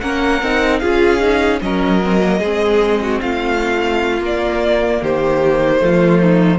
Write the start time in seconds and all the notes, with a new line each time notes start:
0.00 A#3 C#4 A#4 F#5
0.42 C4 D#4
0.79 C#4 F4 G#4 F5
1.20 D#4
1.61 F#3 C#4 A#4 D#5
2.03 C4
2.21 A#3
2.39 G#3 C4 G#4
3.02 F#4
3.21 A3 F4 F5
4.20 A#3 D5
5.02 D#3 G4 C5
5.79 F3 A3 F4
6.22 D#4